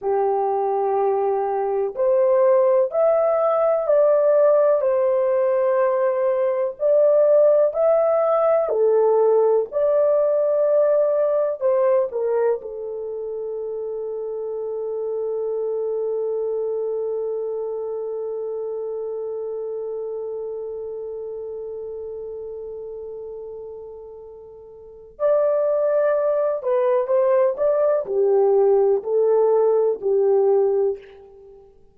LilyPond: \new Staff \with { instrumentName = "horn" } { \time 4/4 \tempo 4 = 62 g'2 c''4 e''4 | d''4 c''2 d''4 | e''4 a'4 d''2 | c''8 ais'8 a'2.~ |
a'1~ | a'1~ | a'2 d''4. b'8 | c''8 d''8 g'4 a'4 g'4 | }